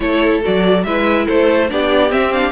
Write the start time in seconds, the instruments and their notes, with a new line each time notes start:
0.00 cello A3, viola E4, violin A4 C#5
0.42 cello F#3, viola F#4, violin D5
0.84 cello G#3, viola E4, violin B4 E5
1.26 cello A3, violin A4 C5
1.68 cello B3, viola D4, violin G4 D5
2.09 viola C4, cello C4, violin E5
2.32 viola D4, violin F5